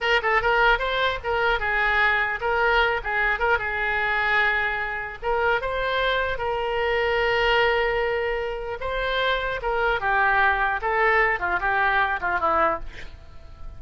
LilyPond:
\new Staff \with { instrumentName = "oboe" } { \time 4/4 \tempo 4 = 150 ais'8 a'8 ais'4 c''4 ais'4 | gis'2 ais'4. gis'8~ | gis'8 ais'8 gis'2.~ | gis'4 ais'4 c''2 |
ais'1~ | ais'2 c''2 | ais'4 g'2 a'4~ | a'8 f'8 g'4. f'8 e'4 | }